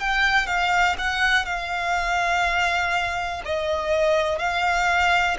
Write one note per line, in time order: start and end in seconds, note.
0.00 0.47 G5
0.47 0.96 F5
0.98 1.45 F#5
1.45 3.42 F5
3.45 4.39 D#5
4.39 5.37 F5